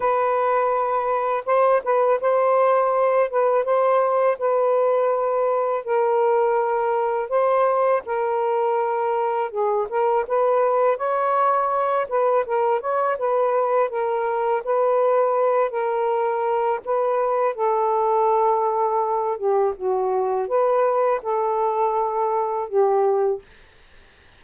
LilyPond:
\new Staff \with { instrumentName = "saxophone" } { \time 4/4 \tempo 4 = 82 b'2 c''8 b'8 c''4~ | c''8 b'8 c''4 b'2 | ais'2 c''4 ais'4~ | ais'4 gis'8 ais'8 b'4 cis''4~ |
cis''8 b'8 ais'8 cis''8 b'4 ais'4 | b'4. ais'4. b'4 | a'2~ a'8 g'8 fis'4 | b'4 a'2 g'4 | }